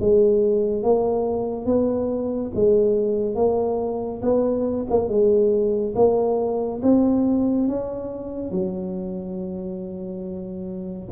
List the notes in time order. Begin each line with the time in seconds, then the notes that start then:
0.00 G#3
0.83 A#3
1.66 B3
2.55 G#3
3.35 A#3
4.22 B3
4.90 A#3
5.08 G#3
5.95 A#3
6.83 C4
7.68 C#4
8.51 F#3